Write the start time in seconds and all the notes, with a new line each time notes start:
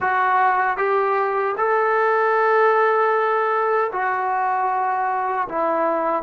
0.00 F#4
0.77 G4
1.57 A4
3.92 F#4
5.48 E4